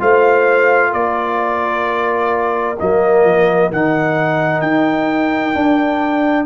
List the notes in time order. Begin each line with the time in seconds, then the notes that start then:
0.00 A3 F4 C5 F5
0.90 A#3 A#4 D5
2.79 F#3 A#3 D#5
3.24 F3
3.72 D#3 D#4 F#5
4.62 D#4 G5
5.54 D4